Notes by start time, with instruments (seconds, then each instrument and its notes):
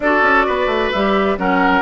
0.00 bassoon D4, clarinet F#4, oboe A4, flute D5
0.22 bassoon C#4
0.46 bassoon B3, oboe B4
0.66 bassoon A3
0.91 bassoon G3, clarinet G4, flute E5
1.38 bassoon F#3, clarinet C#4, oboe A#4, flute F#5